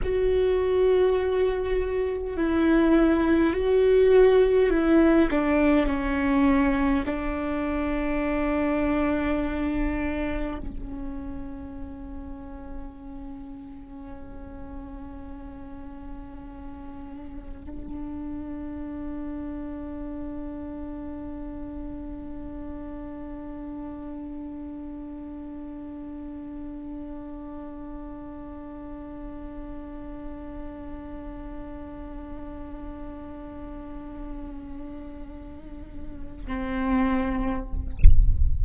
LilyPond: \new Staff \with { instrumentName = "viola" } { \time 4/4 \tempo 4 = 51 fis'2 e'4 fis'4 | e'8 d'8 cis'4 d'2~ | d'4 cis'2.~ | cis'2. d'4~ |
d'1~ | d'1~ | d'1~ | d'2. c'4 | }